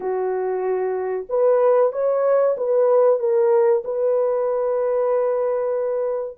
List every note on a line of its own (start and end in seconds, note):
0.00 1.26 F#4
1.29 1.92 B4
1.92 2.56 C#5
2.57 3.19 B4
3.19 3.82 A#4
3.84 6.37 B4